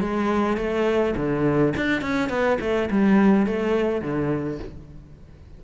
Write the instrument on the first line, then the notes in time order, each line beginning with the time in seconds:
cello
0.00 G#3
0.57 A3
1.16 D3
1.76 D4
2.01 C#4
2.29 B3
2.60 A3
2.90 G3
3.46 A3
4.01 D3